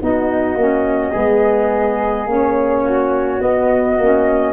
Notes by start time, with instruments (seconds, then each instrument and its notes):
0.00 tuba B3, saxophone D#4, flute F#4 D#5
0.55 tuba A#3, saxophone C#4
1.11 tuba G#3, saxophone B3, flute G#4
2.26 tuba A#3, saxophone C#4, flute C#5
2.83 flute F#4
3.38 saxophone B3, tuba B3, flute D#5
3.97 tuba A#3, saxophone C#4